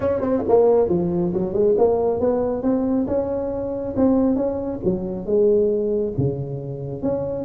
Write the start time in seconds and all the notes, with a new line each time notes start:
0.00 C#4
0.21 C4
0.48 A#3
0.89 F3
1.33 F#3
1.53 G#3
1.78 A#3
2.19 B3
2.62 C4
3.07 C#4
3.96 C4
4.36 C#4
4.84 F#3
5.26 G#3
6.17 C#3
7.02 C#4